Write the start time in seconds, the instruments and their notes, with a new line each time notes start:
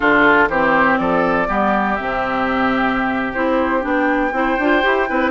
0.00 bassoon D3, clarinet D4, oboe F4, flute A4
0.48 bassoon E3, clarinet C4, oboe G4, flute C5
0.97 bassoon F3, oboe A4, flute D5
1.47 bassoon G3, clarinet B3, oboe G4
1.95 bassoon C3, clarinet C4, flute E5
3.33 bassoon C4, clarinet E4, flute C5
3.81 bassoon B3, clarinet D4, flute G5
4.32 bassoon C4, clarinet E4, oboe C5
4.58 bassoon D4, clarinet F4
4.82 bassoon E4, clarinet G4
5.09 bassoon C4, clarinet E4, oboe B4